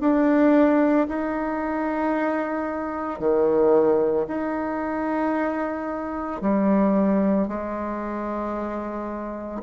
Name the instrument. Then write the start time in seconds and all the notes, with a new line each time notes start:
bassoon
0.00 D4
1.08 D#4
3.19 D#3
4.28 D#4
6.41 G3
7.48 G#3